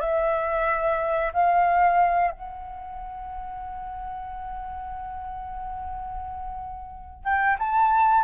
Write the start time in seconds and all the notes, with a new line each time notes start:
0.00 E5
1.33 F5
2.31 F#5
7.24 G5
7.59 A5